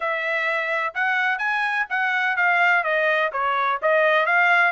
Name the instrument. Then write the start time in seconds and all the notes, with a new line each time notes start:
trumpet
0.00 E5
0.94 F#5
1.38 G#5
1.89 F#5
2.36 F5
2.83 D#5
3.32 C#5
3.82 D#5
4.26 F5